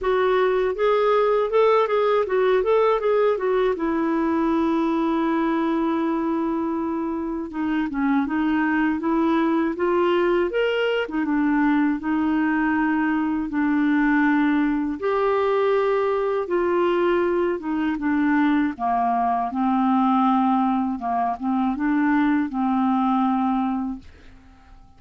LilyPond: \new Staff \with { instrumentName = "clarinet" } { \time 4/4 \tempo 4 = 80 fis'4 gis'4 a'8 gis'8 fis'8 a'8 | gis'8 fis'8 e'2.~ | e'2 dis'8 cis'8 dis'4 | e'4 f'4 ais'8. dis'16 d'4 |
dis'2 d'2 | g'2 f'4. dis'8 | d'4 ais4 c'2 | ais8 c'8 d'4 c'2 | }